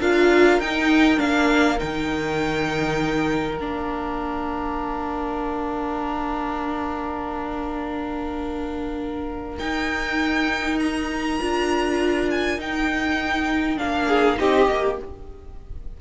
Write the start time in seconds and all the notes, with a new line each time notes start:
0.00 D4 F4 A#4 F5
0.59 D#4 G5
1.17 A#3 D4 F5
1.78 D#3 D#4 G5
3.58 A#3 D4 F5
9.59 D#4 G5
10.79 A#5
11.39 D4 F4
12.31 G#5
12.58 D#4 G5
13.77 A#3 D4 F5
14.07 G#4
14.37 C4 D#4 G4 D#5
14.68 A#3 G4